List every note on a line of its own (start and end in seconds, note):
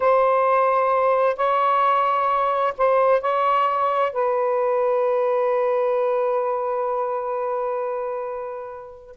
0.00 1.36 C5
1.36 2.73 C#5
2.77 3.21 C5
3.21 4.12 C#5
4.12 9.16 B4